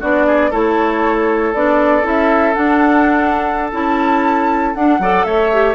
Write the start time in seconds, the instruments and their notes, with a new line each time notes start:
0.00 bassoon B3, clarinet D4, oboe F#4, flute D5
0.26 oboe G#4
0.50 bassoon A3, clarinet E4, oboe A4, flute C#5
1.54 bassoon B3, clarinet D4, flute D5
2.02 bassoon C#4, clarinet E4, flute E5
2.54 clarinet D4, bassoon D4, flute F#5
3.72 bassoon C#4, clarinet E4, flute A5
4.74 clarinet D4, bassoon D4, flute F#5
4.98 bassoon F#3, clarinet A4, oboe D5
5.24 bassoon A3, oboe C#5, flute E5
5.52 clarinet G4